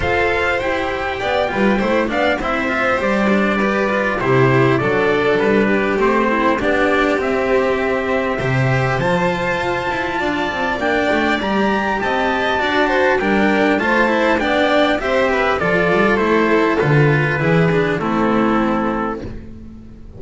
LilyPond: <<
  \new Staff \with { instrumentName = "trumpet" } { \time 4/4 \tempo 4 = 100 f''4 g''2~ g''8 f''8 | e''4 d''2 c''4 | d''4 b'4 c''4 d''4 | e''2. a''4~ |
a''2 g''4 ais''4 | a''2 g''4 a''4 | g''4 e''4 d''4 c''4 | b'2 a'2 | }
  \new Staff \with { instrumentName = "violin" } { \time 4/4 c''2 d''8 b'8 c''8 d''8 | c''2 b'4 g'4 | a'4. g'4 e'8 g'4~ | g'2 c''2~ |
c''4 d''2. | dis''4 d''8 c''8 ais'4 c''4 | d''4 c''8 b'8 a'2~ | a'4 gis'4 e'2 | }
  \new Staff \with { instrumentName = "cello" } { \time 4/4 a'4 g'4. f'8 e'8 d'8 | e'8 f'8 g'8 d'8 g'8 f'8 e'4 | d'2 c'4 d'4 | c'2 g'4 f'4~ |
f'2 d'4 g'4~ | g'4 fis'4 d'4 f'8 e'8 | d'4 g'4 f'4 e'4 | f'4 e'8 d'8 c'2 | }
  \new Staff \with { instrumentName = "double bass" } { \time 4/4 f'4 e'4 b8 g8 a8 b8 | c'4 g2 c4 | fis4 g4 a4 b4 | c'2 c4 f4 |
f'8 e'8 d'8 c'8 ais8 a8 g4 | c'4 d'4 g4 a4 | b4 c'4 f8 g8 a4 | d4 e4 a2 | }
>>